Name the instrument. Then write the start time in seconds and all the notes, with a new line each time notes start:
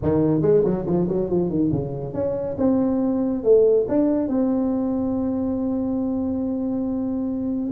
tuba
0.02 D#3
0.41 G#3
0.64 F#3
0.86 F3
1.08 F#3
1.29 F3
1.49 D#3
1.71 C#3
2.13 C#4
2.57 C4
3.43 A3
3.88 D4
4.27 C4